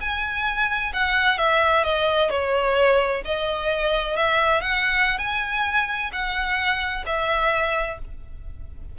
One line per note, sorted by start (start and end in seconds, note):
0.00 0.92 G#5
0.93 1.38 F#5
1.38 1.84 E5
1.84 2.30 D#5
2.30 3.22 C#5
3.25 4.16 D#5
4.16 4.61 E5
4.61 5.18 F#5
5.18 6.11 G#5
6.12 7.04 F#5
7.06 7.98 E5